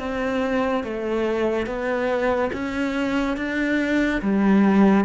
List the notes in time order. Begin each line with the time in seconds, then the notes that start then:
0.00 C4
0.84 A3
1.67 B3
2.53 C#4
3.37 D4
4.22 G3